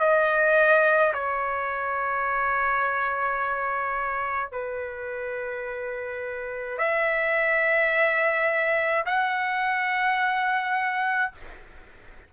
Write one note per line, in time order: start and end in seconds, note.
0.00 1.13 D#5
1.13 4.52 C#5
4.52 6.78 B4
6.78 9.05 E5
9.06 11.32 F#5